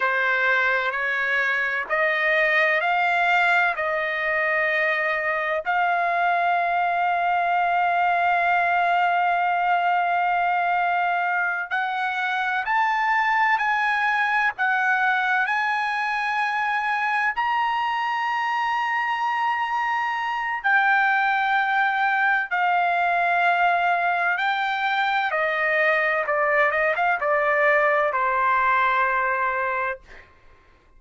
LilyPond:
\new Staff \with { instrumentName = "trumpet" } { \time 4/4 \tempo 4 = 64 c''4 cis''4 dis''4 f''4 | dis''2 f''2~ | f''1~ | f''8 fis''4 a''4 gis''4 fis''8~ |
fis''8 gis''2 ais''4.~ | ais''2 g''2 | f''2 g''4 dis''4 | d''8 dis''16 f''16 d''4 c''2 | }